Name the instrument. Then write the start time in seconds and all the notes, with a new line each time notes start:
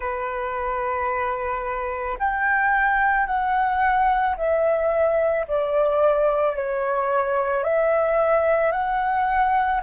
flute
0.00 B4
2.19 G5
3.26 F#5
4.36 E5
5.47 D5
6.56 C#5
7.63 E5
8.71 F#5